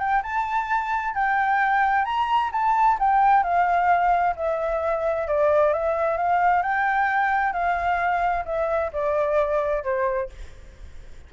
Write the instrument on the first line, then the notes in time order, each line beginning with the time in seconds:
flute
0.00 G5
0.23 A5
1.15 G5
2.05 A#5
2.53 A5
3.00 G5
3.44 F5
4.37 E5
5.28 D5
5.74 E5
6.18 F5
6.63 G5
7.53 F5
8.46 E5
8.93 D5
9.84 C5